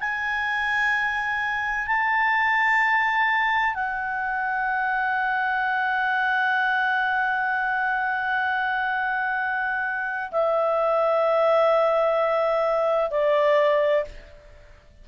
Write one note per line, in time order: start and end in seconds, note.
0.00 1.87 G#5
1.87 3.75 A5
3.75 10.31 F#5
10.32 13.11 E5
13.11 14.05 D5